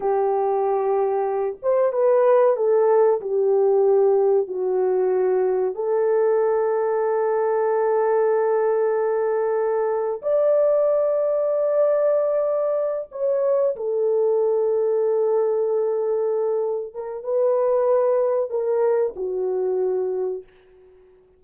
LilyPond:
\new Staff \with { instrumentName = "horn" } { \time 4/4 \tempo 4 = 94 g'2~ g'8 c''8 b'4 | a'4 g'2 fis'4~ | fis'4 a'2.~ | a'1 |
d''1~ | d''8 cis''4 a'2~ a'8~ | a'2~ a'8 ais'8 b'4~ | b'4 ais'4 fis'2 | }